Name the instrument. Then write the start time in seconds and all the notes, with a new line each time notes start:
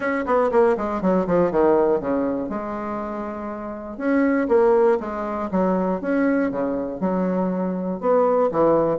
bassoon
0.00 C#4
0.25 B3
0.51 A#3
0.77 G#3
1.01 F#3
1.26 F3
1.51 D#3
2.00 C#3
2.49 G#3
3.97 C#4
4.48 A#3
5.00 G#3
5.51 F#3
6.01 C#4
6.51 C#3
7.00 F#3
8.00 B3
8.51 E3